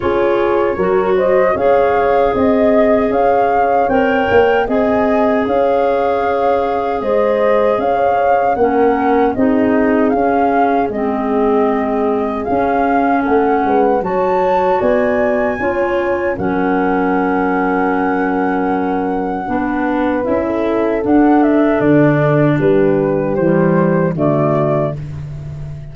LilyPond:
<<
  \new Staff \with { instrumentName = "flute" } { \time 4/4 \tempo 4 = 77 cis''4. dis''8 f''4 dis''4 | f''4 g''4 gis''4 f''4~ | f''4 dis''4 f''4 fis''4 | dis''4 f''4 dis''2 |
f''4 fis''4 a''4 gis''4~ | gis''4 fis''2.~ | fis''2 e''4 fis''8 e''8 | d''4 b'4 c''4 d''4 | }
  \new Staff \with { instrumentName = "horn" } { \time 4/4 gis'4 ais'8 c''8 cis''4 dis''4 | cis''2 dis''4 cis''4~ | cis''4 c''4 cis''4 ais'4 | gis'1~ |
gis'4 a'8 b'8 cis''4 d''4 | cis''4 ais'2.~ | ais'4 b'4~ b'16 a'4.~ a'16~ | a'4 g'2 fis'4 | }
  \new Staff \with { instrumentName = "clarinet" } { \time 4/4 f'4 fis'4 gis'2~ | gis'4 ais'4 gis'2~ | gis'2. cis'4 | dis'4 cis'4 c'2 |
cis'2 fis'2 | f'4 cis'2.~ | cis'4 d'4 e'4 d'4~ | d'2 g4 a4 | }
  \new Staff \with { instrumentName = "tuba" } { \time 4/4 cis'4 fis4 cis'4 c'4 | cis'4 c'8 ais8 c'4 cis'4~ | cis'4 gis4 cis'4 ais4 | c'4 cis'4 gis2 |
cis'4 a8 gis8 fis4 b4 | cis'4 fis2.~ | fis4 b4 cis'4 d'4 | d4 g4 e4 d4 | }
>>